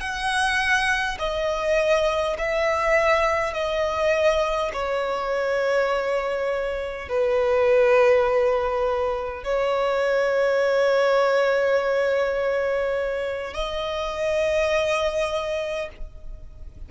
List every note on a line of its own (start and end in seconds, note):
0.00 1.18 F#5
1.19 2.36 D#5
2.38 3.53 E5
3.53 4.71 D#5
4.73 7.08 C#5
7.09 9.43 B4
9.43 13.53 C#5
13.53 15.89 D#5